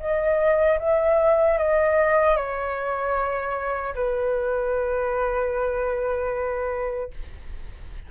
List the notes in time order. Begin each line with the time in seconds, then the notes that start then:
0.00 D#5
0.80 E5
1.59 D#5
2.37 C#5
3.95 B4